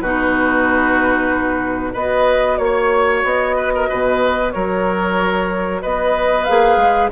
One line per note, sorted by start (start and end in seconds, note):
0.00 1.94 B2
0.00 1.93 D#4
0.00 1.93 F#4
0.00 1.94 B4
1.93 2.58 B3
1.93 6.45 F#4
1.93 2.57 B4
1.93 2.57 D#5
2.57 3.23 A#3
2.57 3.22 C#5
2.64 3.56 C#5
3.23 3.88 B3
3.23 4.51 D#5
3.56 3.72 B4
3.75 3.88 A#4
3.88 4.55 B2
3.88 4.53 B4
4.51 5.84 F#3
4.51 5.81 A#4
4.51 5.80 C#5
5.81 6.49 B3
5.81 7.10 B4
5.81 6.44 D#5
6.44 6.76 A#3
6.44 7.11 G#4
6.44 7.09 F5
6.76 7.09 G#3